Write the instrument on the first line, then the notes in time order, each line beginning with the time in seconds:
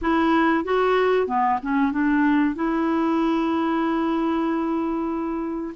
clarinet
0.01 E4
0.64 F#4
1.27 B3
1.62 C#4
1.91 D4
2.55 E4